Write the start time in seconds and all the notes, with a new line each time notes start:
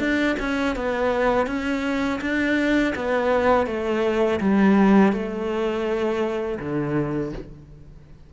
0.00 D4
0.40 C#4
0.76 B3
1.47 C#4
2.21 D4
2.96 B3
3.67 A3
4.41 G3
5.13 A3
6.60 D3